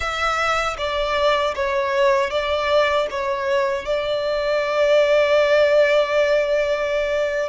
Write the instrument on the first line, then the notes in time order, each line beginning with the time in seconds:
violin
0.00 E5
0.77 D5
1.55 C#5
2.30 D5
3.10 C#5
3.85 D5